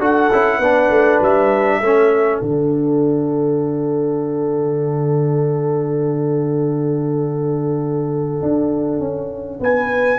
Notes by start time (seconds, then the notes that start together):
0.00 D4 F#4 A4 F#5
0.33 C#4 E4
0.59 B3 D4 B4
0.90 A3
1.21 G3 E5
1.80 A3 C#4 A4
2.40 D3 D4 F#5
8.43 D4
9.00 C#4
9.60 B3 B4 G#5